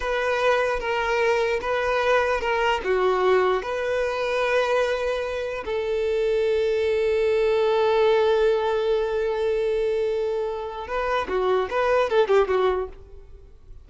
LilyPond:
\new Staff \with { instrumentName = "violin" } { \time 4/4 \tempo 4 = 149 b'2 ais'2 | b'2 ais'4 fis'4~ | fis'4 b'2.~ | b'2 a'2~ |
a'1~ | a'1~ | a'2. b'4 | fis'4 b'4 a'8 g'8 fis'4 | }